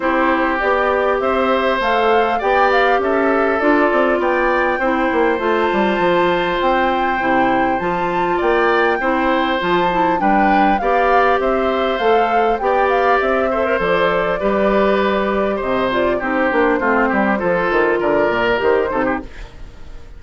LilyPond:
<<
  \new Staff \with { instrumentName = "flute" } { \time 4/4 \tempo 4 = 100 c''4 d''4 e''4 f''4 | g''8 f''8 e''4 d''4 g''4~ | g''4 a''2 g''4~ | g''4 a''4 g''2 |
a''4 g''4 f''4 e''4 | f''4 g''8 f''8 e''4 d''4~ | d''2 dis''8 d''8 c''4~ | c''2 d''4 c''4 | }
  \new Staff \with { instrumentName = "oboe" } { \time 4/4 g'2 c''2 | d''4 a'2 d''4 | c''1~ | c''2 d''4 c''4~ |
c''4 b'4 d''4 c''4~ | c''4 d''4. c''4. | b'2 c''4 g'4 | f'8 g'8 a'4 ais'4. a'16 g'16 | }
  \new Staff \with { instrumentName = "clarinet" } { \time 4/4 e'4 g'2 a'4 | g'2 f'2 | e'4 f'2. | e'4 f'2 e'4 |
f'8 e'8 d'4 g'2 | a'4 g'4. a'16 ais'16 a'4 | g'2~ g'8 f'8 dis'8 d'8 | c'4 f'2 g'8 dis'8 | }
  \new Staff \with { instrumentName = "bassoon" } { \time 4/4 c'4 b4 c'4 a4 | b4 cis'4 d'8 c'8 b4 | c'8 ais8 a8 g8 f4 c'4 | c4 f4 ais4 c'4 |
f4 g4 b4 c'4 | a4 b4 c'4 f4 | g2 c4 c'8 ais8 | a8 g8 f8 dis8 d8 ais,8 dis8 c8 | }
>>